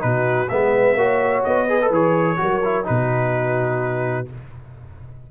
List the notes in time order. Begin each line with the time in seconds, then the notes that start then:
0.00 B2 D#4 F#4 B4
0.49 G#3 B3 B4 E5
0.95 A#3 F#4 C#5
1.44 B3 D#5
1.66 G#4 B4
1.82 A4
1.90 E3 G#4 C#5
2.37 F#3 F#4 A#4
2.64 E4
2.84 B2 D#4 F#4 B4